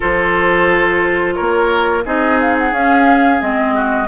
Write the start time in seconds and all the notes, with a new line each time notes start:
0.00 F3 F4 A4 C5
1.34 A#3 A#4 C#5
2.04 C4 D#4 G#4 D#5
2.40 F5
2.58 F#5
2.71 C#4 F5
3.39 G#3 C4 D#5
3.75 F#4